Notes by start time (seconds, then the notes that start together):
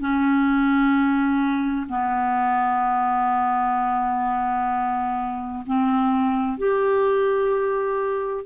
0.00 C#4
1.89 B3
5.67 C4
6.58 G4